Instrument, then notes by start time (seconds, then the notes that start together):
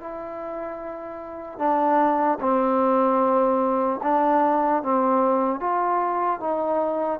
trombone
0.00 E4
1.59 D4
2.40 C4
4.03 D4
4.83 C4
5.60 F4
6.40 D#4